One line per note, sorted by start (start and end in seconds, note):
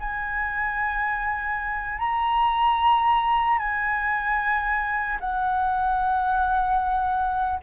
0.00 1.99 G#5
1.99 3.59 A#5
3.59 5.19 G#5
5.20 7.60 F#5